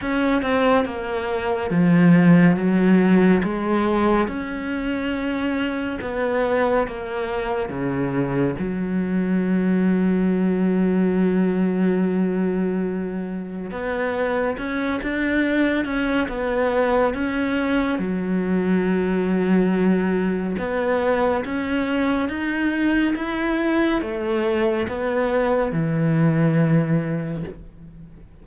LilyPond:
\new Staff \with { instrumentName = "cello" } { \time 4/4 \tempo 4 = 70 cis'8 c'8 ais4 f4 fis4 | gis4 cis'2 b4 | ais4 cis4 fis2~ | fis1 |
b4 cis'8 d'4 cis'8 b4 | cis'4 fis2. | b4 cis'4 dis'4 e'4 | a4 b4 e2 | }